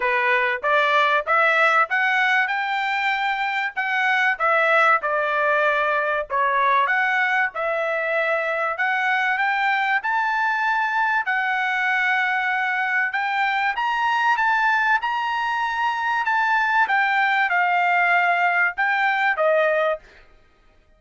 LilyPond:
\new Staff \with { instrumentName = "trumpet" } { \time 4/4 \tempo 4 = 96 b'4 d''4 e''4 fis''4 | g''2 fis''4 e''4 | d''2 cis''4 fis''4 | e''2 fis''4 g''4 |
a''2 fis''2~ | fis''4 g''4 ais''4 a''4 | ais''2 a''4 g''4 | f''2 g''4 dis''4 | }